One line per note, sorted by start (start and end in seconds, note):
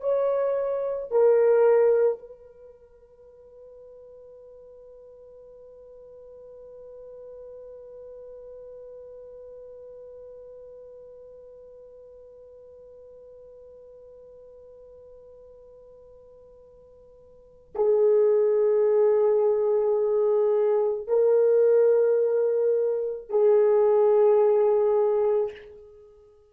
0.00 1.11 C#5
1.11 2.18 A#4
2.18 17.74 B4
17.75 21.07 G#4
21.07 23.29 A#4
23.29 25.51 G#4